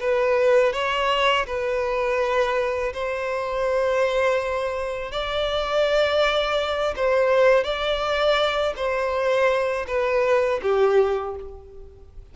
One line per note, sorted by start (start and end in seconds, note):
0.00 0.73 B4
0.73 1.46 C#5
1.46 2.93 B4
2.93 5.12 C5
5.12 6.94 D5
6.96 7.64 C5
7.64 8.74 D5
8.76 9.86 C5
9.87 10.60 B4
10.62 11.35 G4